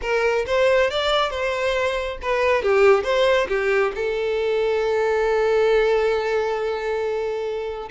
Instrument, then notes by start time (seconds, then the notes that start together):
violin
0.01 A#4
0.46 C5
0.90 D5
1.30 C5
2.21 B4
2.62 G4
3.03 C5
3.48 G4
3.95 A4